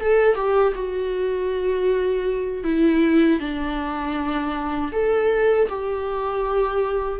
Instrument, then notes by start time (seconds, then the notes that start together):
viola
0.00 A4
0.35 G4
0.75 F#4
2.64 E4
3.39 D4
4.92 A4
5.69 G4